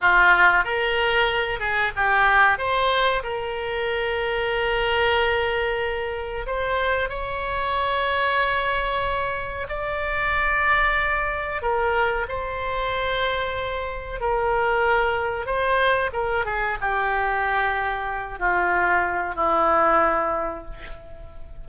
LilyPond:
\new Staff \with { instrumentName = "oboe" } { \time 4/4 \tempo 4 = 93 f'4 ais'4. gis'8 g'4 | c''4 ais'2.~ | ais'2 c''4 cis''4~ | cis''2. d''4~ |
d''2 ais'4 c''4~ | c''2 ais'2 | c''4 ais'8 gis'8 g'2~ | g'8 f'4. e'2 | }